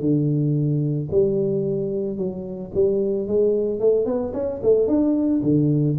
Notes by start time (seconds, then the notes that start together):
0.00 D3
1.11 G3
2.17 F#3
2.74 G3
3.27 G#3
3.80 A3
4.05 B3
4.33 C#4
4.62 A3
4.87 D4
5.42 D3